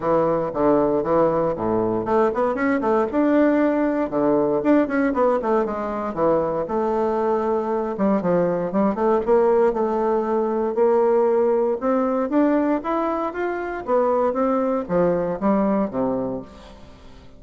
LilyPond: \new Staff \with { instrumentName = "bassoon" } { \time 4/4 \tempo 4 = 117 e4 d4 e4 a,4 | a8 b8 cis'8 a8 d'2 | d4 d'8 cis'8 b8 a8 gis4 | e4 a2~ a8 g8 |
f4 g8 a8 ais4 a4~ | a4 ais2 c'4 | d'4 e'4 f'4 b4 | c'4 f4 g4 c4 | }